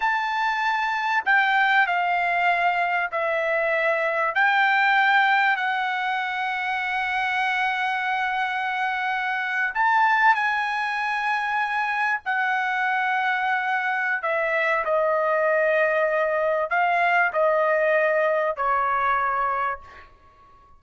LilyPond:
\new Staff \with { instrumentName = "trumpet" } { \time 4/4 \tempo 4 = 97 a''2 g''4 f''4~ | f''4 e''2 g''4~ | g''4 fis''2.~ | fis''2.~ fis''8. a''16~ |
a''8. gis''2. fis''16~ | fis''2. e''4 | dis''2. f''4 | dis''2 cis''2 | }